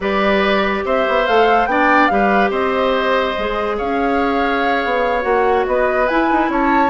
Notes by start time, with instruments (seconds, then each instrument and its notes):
0.00 bassoon G3, clarinet G4, oboe B4, flute D5
0.84 bassoon C4, oboe C5, flute E5
1.07 bassoon B3
1.26 bassoon A3, clarinet A4, flute F5
1.66 bassoon B3, clarinet D4, oboe D5, flute G5
2.07 bassoon G3, clarinet G4, oboe B4, flute F5
2.50 bassoon C4, oboe C5, flute D#5
3.37 bassoon G#3, clarinet G#4
3.77 bassoon C#4, oboe C#5, flute F5
4.84 bassoon B3
5.21 bassoon A#3, clarinet F#4, flute F#5
5.66 bassoon B3, oboe B4, flute D#5
6.08 bassoon E4, clarinet E4, flute G#5
6.31 bassoon D#4
6.48 bassoon C#4, oboe C#5, flute A5